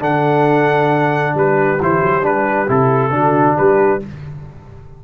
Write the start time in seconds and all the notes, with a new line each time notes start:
0.00 D3 D4 A4 F#5
1.35 G3 G4 B4
1.80 E3 E4 C5
2.03 F#3
2.23 G3 D4 B4
2.68 C3 E4 A4
3.11 D3 D4 F#4
3.56 G3 G4 B4